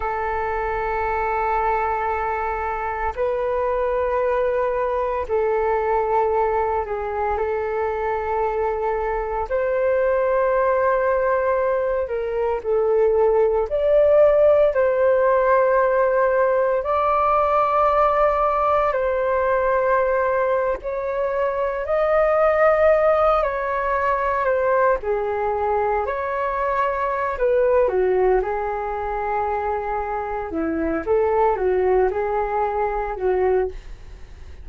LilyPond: \new Staff \with { instrumentName = "flute" } { \time 4/4 \tempo 4 = 57 a'2. b'4~ | b'4 a'4. gis'8 a'4~ | a'4 c''2~ c''8 ais'8 | a'4 d''4 c''2 |
d''2 c''4.~ c''16 cis''16~ | cis''8. dis''4. cis''4 c''8 gis'16~ | gis'8. cis''4~ cis''16 b'8 fis'8 gis'4~ | gis'4 e'8 a'8 fis'8 gis'4 fis'8 | }